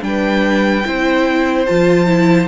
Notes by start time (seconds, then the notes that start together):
0.00 G3 D4 G5
0.07 B4
0.84 C4 E4 C5
1.66 F3 F4 A5
2.06 E4